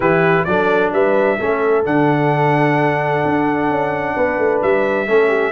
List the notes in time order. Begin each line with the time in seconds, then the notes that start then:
0.00 E3 E4 G4 B4
0.44 F#3 D4 A4 D5
0.92 G3 B4 E5
1.38 A3 C#4 A4
1.84 D3 D4 F#5
3.25 D4
3.70 C#4
4.15 B3 B4
4.38 A3
4.62 G3 E5
5.07 A3 C#4 A4
5.28 G4